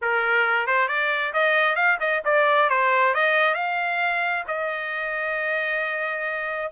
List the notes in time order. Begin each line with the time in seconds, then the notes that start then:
0.01 A#4
0.66 C5
0.88 D5
1.33 D#5
1.75 F5
1.99 D#5
2.24 D5
2.69 C5
3.14 D#5
3.54 F5
4.47 D#5